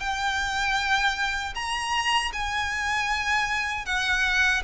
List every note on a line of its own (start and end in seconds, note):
0.00 1.54 G5
1.55 2.31 A#5
2.33 3.85 G#5
3.85 4.62 F#5